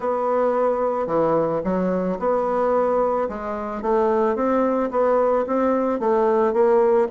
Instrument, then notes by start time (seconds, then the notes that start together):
bassoon
0.00 B3
1.06 E3
1.63 F#3
2.19 B3
3.28 G#3
3.82 A3
4.35 C4
4.91 B3
5.47 C4
5.99 A3
6.53 A#3